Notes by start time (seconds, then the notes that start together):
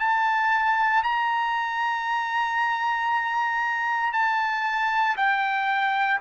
0.00 A5
1.03 A#5
4.13 A5
5.17 G5